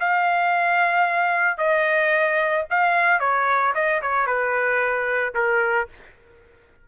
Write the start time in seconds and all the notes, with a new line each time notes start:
0.00 F5
1.58 D#5
2.70 F5
3.20 C#5
3.75 D#5
4.02 C#5
4.27 B4
5.34 A#4